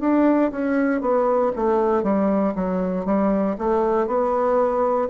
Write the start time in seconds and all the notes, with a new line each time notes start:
0.00 D4
0.51 C#4
1.01 B3
1.55 A3
2.03 G3
2.54 F#3
3.05 G3
3.58 A3
4.07 B3